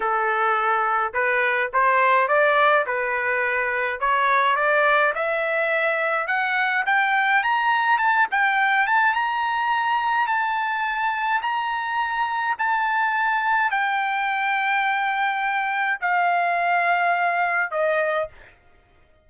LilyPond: \new Staff \with { instrumentName = "trumpet" } { \time 4/4 \tempo 4 = 105 a'2 b'4 c''4 | d''4 b'2 cis''4 | d''4 e''2 fis''4 | g''4 ais''4 a''8 g''4 a''8 |
ais''2 a''2 | ais''2 a''2 | g''1 | f''2. dis''4 | }